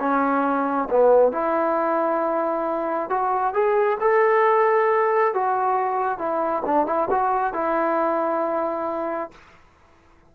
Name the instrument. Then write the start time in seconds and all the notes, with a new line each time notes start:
trombone
0.00 C#4
0.91 B3
1.33 E4
3.10 F#4
3.54 G#4
4.01 A4
5.35 F#4
6.19 E4
6.66 D4
6.87 E4
7.11 F#4
7.54 E4